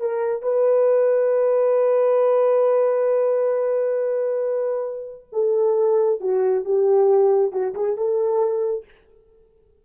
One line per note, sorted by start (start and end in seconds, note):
0.00 0.42 A#4
0.42 5.27 B4
5.32 6.20 A4
6.20 6.64 F#4
6.65 7.52 G4
7.52 7.74 F#4
7.74 7.96 G#4
7.96 8.84 A4